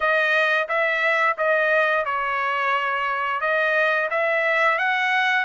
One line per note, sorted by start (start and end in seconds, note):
0.00 0.68 D#5
0.68 1.36 E5
1.37 2.05 D#5
2.05 3.41 C#5
3.41 4.09 D#5
4.10 4.78 E5
4.78 5.45 F#5